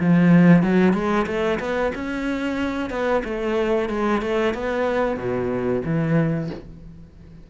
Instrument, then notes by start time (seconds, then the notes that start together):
cello
0.00 F3
0.63 F#3
0.93 G#3
1.26 A3
1.59 B3
1.95 C#4
2.90 B3
3.24 A3
3.89 G#3
4.22 A3
4.54 B3
5.17 B2
5.85 E3